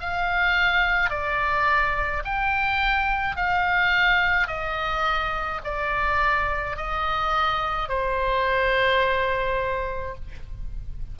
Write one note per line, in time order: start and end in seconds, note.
0.00 1.10 F5
1.10 2.23 D5
2.25 3.37 G5
3.37 4.48 F5
4.48 5.61 D#5
5.64 6.77 D5
6.77 7.89 D#5
7.89 10.15 C5